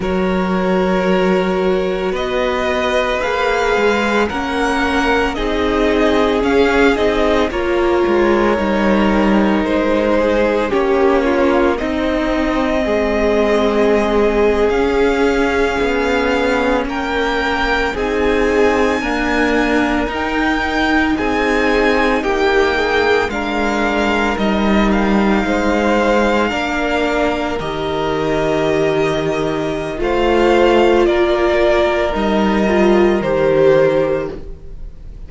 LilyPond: <<
  \new Staff \with { instrumentName = "violin" } { \time 4/4 \tempo 4 = 56 cis''2 dis''4 f''4 | fis''4 dis''4 f''8 dis''8 cis''4~ | cis''4 c''4 cis''4 dis''4~ | dis''4.~ dis''16 f''2 g''16~ |
g''8. gis''2 g''4 gis''16~ | gis''8. g''4 f''4 dis''8 f''8.~ | f''4.~ f''16 dis''2~ dis''16 | f''4 d''4 dis''4 c''4 | }
  \new Staff \with { instrumentName = "violin" } { \time 4/4 ais'2 b'2 | ais'4 gis'2 ais'4~ | ais'4. gis'8 g'8 f'8 dis'4 | gis'2.~ gis'8. ais'16~ |
ais'8. gis'4 ais'2 gis'16~ | gis'8. g'8 gis'8 ais'2 c''16~ | c''8. ais'2.~ ais'16 | c''4 ais'2. | }
  \new Staff \with { instrumentName = "viola" } { \time 4/4 fis'2. gis'4 | cis'4 dis'4 cis'8 dis'8 f'4 | dis'2 cis'4 c'4~ | c'4.~ c'16 cis'2~ cis'16~ |
cis'8. dis'4 ais4 dis'4~ dis'16~ | dis'4.~ dis'16 d'4 dis'4~ dis'16~ | dis'8. d'4 g'2~ g'16 | f'2 dis'8 f'8 g'4 | }
  \new Staff \with { instrumentName = "cello" } { \time 4/4 fis2 b4 ais8 gis8 | ais4 c'4 cis'8 c'8 ais8 gis8 | g4 gis4 ais4 c'4 | gis4.~ gis16 cis'4 b4 ais16~ |
ais8. c'4 d'4 dis'4 c'16~ | c'8. ais4 gis4 g4 gis16~ | gis8. ais4 dis2~ dis16 | a4 ais4 g4 dis4 | }
>>